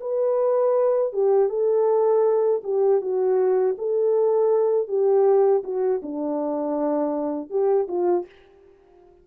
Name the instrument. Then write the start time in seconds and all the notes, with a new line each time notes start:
horn
0.00 B4
1.12 G4
1.49 A4
2.64 G4
3.01 F#4
3.77 A4
4.88 G4
5.64 F#4
6.02 D4
7.49 G4
7.88 F4